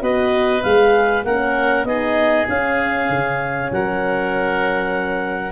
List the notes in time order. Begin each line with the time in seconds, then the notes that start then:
0.00 B3 F#4 B4 D#5
0.63 G#3 G#4 F5
1.24 A#3 C#4 A#4 F#5
1.84 B3 D#4 G#4 D#5
2.48 C#4 F5
3.09 C#3
3.72 F#3 A#4 F#5